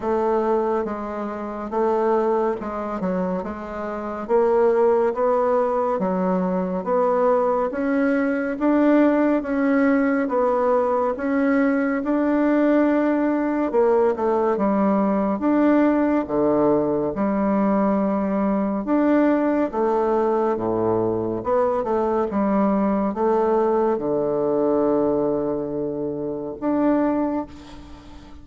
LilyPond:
\new Staff \with { instrumentName = "bassoon" } { \time 4/4 \tempo 4 = 70 a4 gis4 a4 gis8 fis8 | gis4 ais4 b4 fis4 | b4 cis'4 d'4 cis'4 | b4 cis'4 d'2 |
ais8 a8 g4 d'4 d4 | g2 d'4 a4 | a,4 b8 a8 g4 a4 | d2. d'4 | }